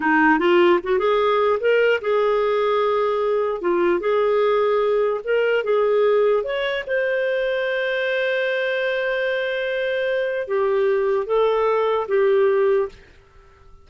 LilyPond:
\new Staff \with { instrumentName = "clarinet" } { \time 4/4 \tempo 4 = 149 dis'4 f'4 fis'8 gis'4. | ais'4 gis'2.~ | gis'4 f'4 gis'2~ | gis'4 ais'4 gis'2 |
cis''4 c''2.~ | c''1~ | c''2 g'2 | a'2 g'2 | }